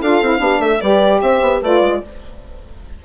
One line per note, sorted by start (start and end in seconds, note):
0.00 0.22 D4
0.00 0.23 F4
0.00 0.40 A4
0.00 0.61 F5
0.22 0.39 C4
0.22 0.38 E4
0.38 0.59 B3
0.38 0.78 D4
0.38 0.61 G4
0.59 0.79 A3
0.59 0.81 A4
0.59 0.80 E5
0.80 1.22 G3
0.80 1.63 G4
0.80 1.21 B4
0.80 1.21 D5
1.21 1.41 C4
1.21 1.62 C5
1.21 1.61 E5
1.41 1.61 B3
1.62 1.81 A3
1.62 2.03 F4
1.62 2.02 B4
1.62 2.04 D5
1.81 2.01 G#3